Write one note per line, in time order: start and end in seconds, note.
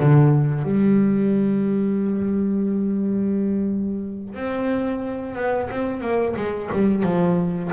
0.00 0.64 D3
0.64 4.35 G3
4.35 5.36 C4
5.36 5.69 B3
5.70 6.01 C4
6.01 6.35 A#3
6.36 6.70 G#3
6.72 7.03 G3
7.03 7.71 F3